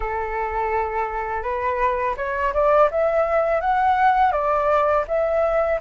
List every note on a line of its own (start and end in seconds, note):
0.00 1.42 A4
1.42 2.15 B4
2.17 2.53 C#5
2.53 2.89 D5
2.90 3.60 E5
3.60 4.32 F#5
4.32 5.04 D5
5.07 5.80 E5